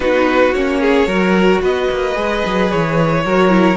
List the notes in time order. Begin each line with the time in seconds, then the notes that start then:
0.00 B3 D#4 F#4 B4
0.53 A#3 C#4 C#5
0.80 G#4
1.07 F#3 F#4 A#4
1.61 B3 B4 D#5
1.90 A#3
2.14 G#3 G#4
2.45 F#3
2.70 E3 C#5
3.25 F#3 F#4 A#4
3.49 E4